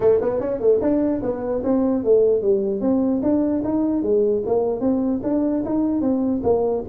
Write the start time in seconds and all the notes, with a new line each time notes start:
0.00 A3
0.21 B3
0.40 C#4
0.59 A3
0.81 D4
1.22 B3
1.63 C4
2.04 A3
2.42 G3
2.80 C4
3.22 D4
3.64 D#4
4.02 G#3
4.46 A#3
4.80 C4
5.23 D4
5.64 D#4
6.01 C4
6.43 A#3